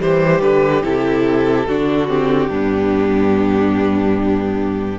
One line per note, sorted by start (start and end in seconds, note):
0.00 0.41 E3
0.00 0.83 G3
0.00 1.68 G4
0.00 0.41 C5
0.41 0.83 D3
0.41 0.83 B4
0.83 1.68 C3
0.83 1.66 E4
0.83 2.08 A4
1.68 2.50 D3
1.68 2.09 D4
1.68 2.49 F#4
2.08 2.50 C4
2.08 4.99 G4
2.49 4.99 G2
2.49 4.99 B3
2.49 4.99 D4